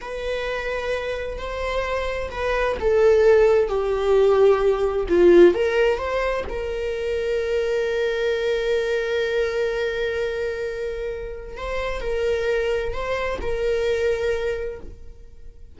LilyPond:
\new Staff \with { instrumentName = "viola" } { \time 4/4 \tempo 4 = 130 b'2. c''4~ | c''4 b'4 a'2 | g'2. f'4 | ais'4 c''4 ais'2~ |
ais'1~ | ais'1~ | ais'4 c''4 ais'2 | c''4 ais'2. | }